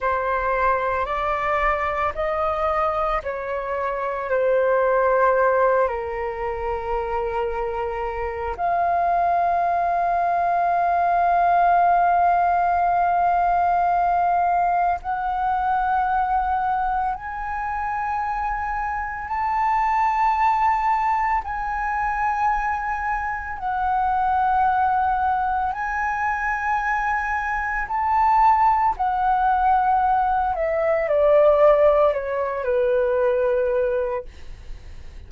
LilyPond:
\new Staff \with { instrumentName = "flute" } { \time 4/4 \tempo 4 = 56 c''4 d''4 dis''4 cis''4 | c''4. ais'2~ ais'8 | f''1~ | f''2 fis''2 |
gis''2 a''2 | gis''2 fis''2 | gis''2 a''4 fis''4~ | fis''8 e''8 d''4 cis''8 b'4. | }